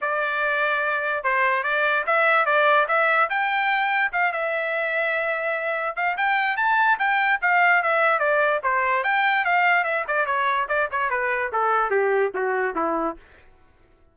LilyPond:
\new Staff \with { instrumentName = "trumpet" } { \time 4/4 \tempo 4 = 146 d''2. c''4 | d''4 e''4 d''4 e''4 | g''2 f''8 e''4.~ | e''2~ e''8 f''8 g''4 |
a''4 g''4 f''4 e''4 | d''4 c''4 g''4 f''4 | e''8 d''8 cis''4 d''8 cis''8 b'4 | a'4 g'4 fis'4 e'4 | }